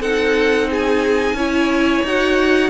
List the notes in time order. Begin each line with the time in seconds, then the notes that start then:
0.00 C4 D#4 A4 F#5
0.70 G#4 G#5
1.34 C#4 E4 C#5
2.04 D#4 F#4 F#5